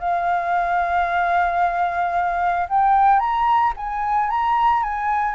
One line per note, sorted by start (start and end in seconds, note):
0.00 2.68 F5
2.70 3.20 G5
3.20 3.74 A#5
3.77 4.30 G#5
4.30 4.83 A#5
4.83 5.36 G#5